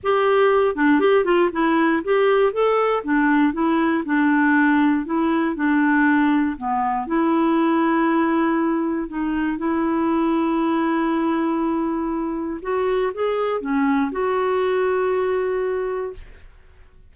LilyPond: \new Staff \with { instrumentName = "clarinet" } { \time 4/4 \tempo 4 = 119 g'4. d'8 g'8 f'8 e'4 | g'4 a'4 d'4 e'4 | d'2 e'4 d'4~ | d'4 b4 e'2~ |
e'2 dis'4 e'4~ | e'1~ | e'4 fis'4 gis'4 cis'4 | fis'1 | }